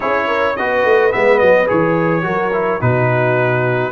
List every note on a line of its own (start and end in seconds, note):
0.00 0.58 C#4
0.00 0.55 E4
0.00 0.25 G#4
0.00 0.56 C#5
0.27 0.55 A#4
0.56 0.84 B3
0.56 1.11 F#4
0.56 2.24 B4
0.56 1.12 D#5
0.84 1.12 A3
1.11 1.41 G#3
1.11 1.66 B3
1.11 1.38 E5
1.38 1.69 F#3
1.38 1.66 D#5
1.66 2.24 E3
1.66 2.22 G#4
1.66 2.81 C#5
2.22 2.80 F#3
2.22 2.50 F#4
2.22 2.80 A#4
2.53 2.80 E4
2.80 3.91 B2
2.80 3.91 D#4
2.80 3.91 F#4
2.80 3.91 B4